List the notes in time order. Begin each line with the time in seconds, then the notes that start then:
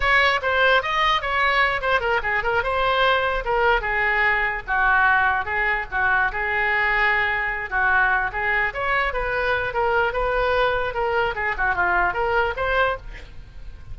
0.00 C#5
0.42 C5
0.82 D#5
1.21 C#5
1.81 C5
2.00 A#4
2.22 G#4
2.43 A#4
2.63 C5
3.44 A#4
3.81 G#4
4.67 F#4
5.45 G#4
5.91 F#4
6.32 G#4
7.70 F#4
8.32 G#4
8.73 C#5
9.13 B4
9.73 A#4
10.12 B4
10.93 A#4
11.35 G#4
11.57 F#4
11.74 F4
12.13 A#4
12.56 C5